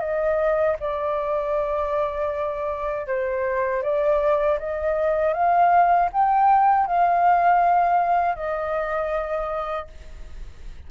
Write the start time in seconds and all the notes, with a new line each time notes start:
0.00 D#5
0.79 D5
3.07 C5
3.82 D5
4.58 D#5
5.33 F5
6.12 G5
6.86 F5
8.35 D#5